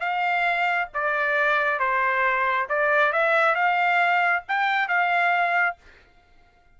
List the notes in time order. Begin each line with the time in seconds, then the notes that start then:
0.00 F5
0.94 D5
1.80 C5
2.69 D5
3.13 E5
3.55 F5
4.48 G5
4.88 F5